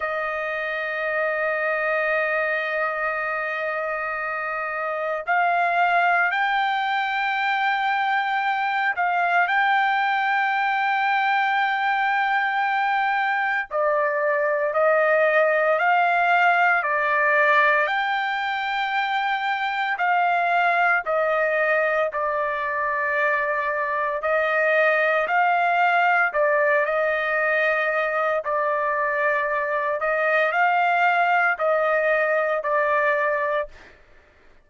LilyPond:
\new Staff \with { instrumentName = "trumpet" } { \time 4/4 \tempo 4 = 57 dis''1~ | dis''4 f''4 g''2~ | g''8 f''8 g''2.~ | g''4 d''4 dis''4 f''4 |
d''4 g''2 f''4 | dis''4 d''2 dis''4 | f''4 d''8 dis''4. d''4~ | d''8 dis''8 f''4 dis''4 d''4 | }